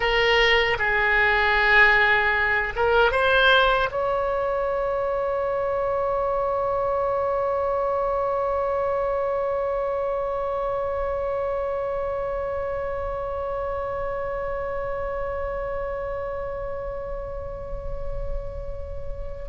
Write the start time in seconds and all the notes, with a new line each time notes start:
0.00 A#4
0.79 G#4
2.76 A#4
3.11 C5
3.91 C#5